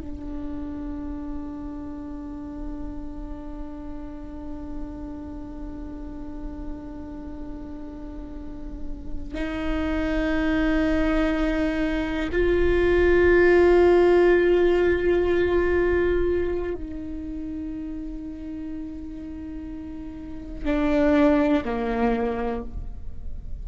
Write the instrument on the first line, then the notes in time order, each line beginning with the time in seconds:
viola
0.00 D4
9.34 D#4
12.33 F4
16.75 D#4
20.65 D4
21.65 A#3